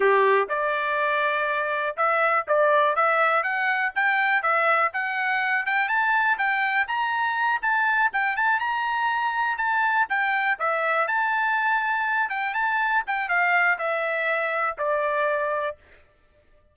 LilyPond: \new Staff \with { instrumentName = "trumpet" } { \time 4/4 \tempo 4 = 122 g'4 d''2. | e''4 d''4 e''4 fis''4 | g''4 e''4 fis''4. g''8 | a''4 g''4 ais''4. a''8~ |
a''8 g''8 a''8 ais''2 a''8~ | a''8 g''4 e''4 a''4.~ | a''4 g''8 a''4 g''8 f''4 | e''2 d''2 | }